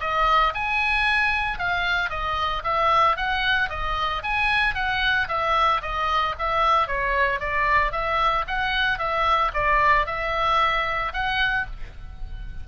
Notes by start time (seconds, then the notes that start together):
0.00 D#5
0.54 G#5
1.58 F5
2.09 D#5
2.64 E5
3.16 F#5
3.69 D#5
4.23 G#5
4.74 F#5
5.28 E5
5.82 D#5
6.38 E5
6.87 C#5
7.40 D5
7.92 E5
8.47 F#5
8.98 E5
9.54 D5
10.06 E5
11.13 F#5